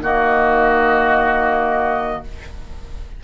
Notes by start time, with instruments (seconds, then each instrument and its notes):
0.00 bassoon D#3, clarinet A#3, oboe F#4, flute D#5